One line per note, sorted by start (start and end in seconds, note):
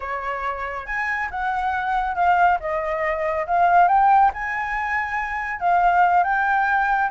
0.00 0.86 C#5
0.86 1.29 G#5
1.30 2.15 F#5
2.15 2.58 F5
2.60 3.46 D#5
3.46 3.88 F5
3.88 4.31 G5
4.33 5.60 G#5
5.60 6.23 F5
6.23 7.10 G5